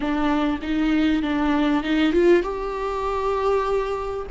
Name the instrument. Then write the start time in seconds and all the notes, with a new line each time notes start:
viola
0.00 D4
0.62 D#4
1.22 D4
1.83 D#4
2.12 F4
2.42 G4